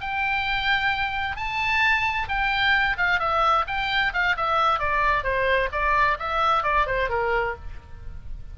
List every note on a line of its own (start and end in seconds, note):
0.00 1.36 G5
1.36 2.28 A5
2.28 2.97 G5
2.97 3.19 F5
3.19 3.65 E5
3.67 4.12 G5
4.13 4.36 F5
4.36 4.79 E5
4.79 5.23 D5
5.23 5.69 C5
5.72 6.17 D5
6.19 6.63 E5
6.63 6.86 D5
6.86 7.09 C5
7.09 7.55 A#4